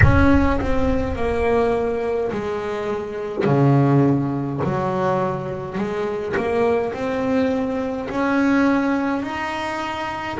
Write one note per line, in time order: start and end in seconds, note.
0.02 0.60 C#4
0.60 1.15 C4
1.15 2.31 A#3
2.31 3.45 G#3
3.45 4.60 C#3
4.64 5.77 F#3
5.77 6.35 G#3
6.36 6.93 A#3
6.93 8.08 C4
8.09 9.22 C#4
9.22 10.37 D#4